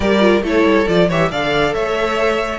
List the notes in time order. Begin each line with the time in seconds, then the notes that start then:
0.00 G3 G4 A#4 D5
0.19 F4
0.42 A3 E4 A4 C#5
0.64 G3
0.87 F3 F4 D5
1.08 E3 G4 C#5 E5
1.31 D3 A4 D5 F5
1.73 A3 C#5 E5